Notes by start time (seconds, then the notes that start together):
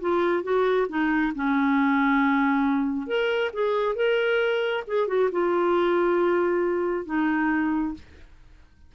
0.00 F4
0.43 F#4
0.88 D#4
1.35 C#4
3.06 A#4
3.53 G#4
3.95 A#4
4.87 G#4
5.07 F#4
5.31 F4
7.05 D#4